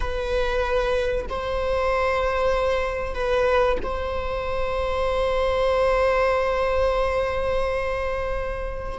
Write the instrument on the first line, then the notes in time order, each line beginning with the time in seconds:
viola
0.00 B4
1.29 C5
3.14 B4
3.83 C5